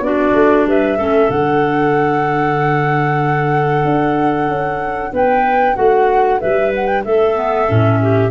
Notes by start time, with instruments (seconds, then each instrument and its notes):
0.00 tuba B3, clarinet D4 F#4, flute D5
0.34 tuba A3
0.67 tuba G3, clarinet B4, flute E5
0.97 tuba A3, clarinet C#4 A4
1.30 tuba D3, clarinet D4, flute F#5
3.85 tuba D4
4.48 tuba C#4
5.12 tuba B3, clarinet B4, flute G5
5.76 tuba A3, clarinet F#4, flute F#5
6.40 tuba G3, clarinet B4, flute E5
6.75 flute F#5
6.87 flute G5
7.05 tuba A3, clarinet A4, flute E5
7.35 clarinet B3
7.68 tuba A2, clarinet C#4
8.02 clarinet G4